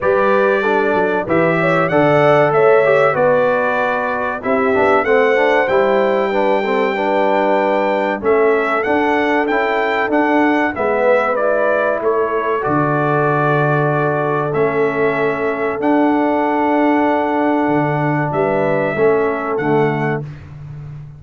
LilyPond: <<
  \new Staff \with { instrumentName = "trumpet" } { \time 4/4 \tempo 4 = 95 d''2 e''4 fis''4 | e''4 d''2 e''4 | fis''4 g''2.~ | g''4 e''4 fis''4 g''4 |
fis''4 e''4 d''4 cis''4 | d''2. e''4~ | e''4 fis''2.~ | fis''4 e''2 fis''4 | }
  \new Staff \with { instrumentName = "horn" } { \time 4/4 b'4 a'4 b'8 cis''8 d''4 | cis''4 b'2 g'4 | c''2 b'8 a'8 b'4~ | b'4 a'2.~ |
a'4 b'2 a'4~ | a'1~ | a'1~ | a'4 b'4 a'2 | }
  \new Staff \with { instrumentName = "trombone" } { \time 4/4 g'4 d'4 g'4 a'4~ | a'8 g'8 fis'2 e'8 d'8 | c'8 d'8 e'4 d'8 c'8 d'4~ | d'4 cis'4 d'4 e'4 |
d'4 b4 e'2 | fis'2. cis'4~ | cis'4 d'2.~ | d'2 cis'4 a4 | }
  \new Staff \with { instrumentName = "tuba" } { \time 4/4 g4. fis8 e4 d4 | a4 b2 c'8 b8 | a4 g2.~ | g4 a4 d'4 cis'4 |
d'4 gis2 a4 | d2. a4~ | a4 d'2. | d4 g4 a4 d4 | }
>>